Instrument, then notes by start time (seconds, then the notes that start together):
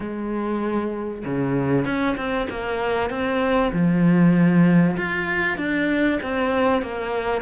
cello
0.00 G#3
1.25 C#3
1.85 C#4
2.16 C4
2.49 A#3
3.10 C4
3.72 F3
4.97 F4
5.57 D4
6.22 C4
6.82 A#3